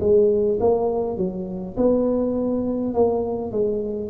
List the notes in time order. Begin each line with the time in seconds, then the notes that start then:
0.00 G#3
0.60 A#3
1.17 F#3
1.76 B3
2.94 A#3
3.51 G#3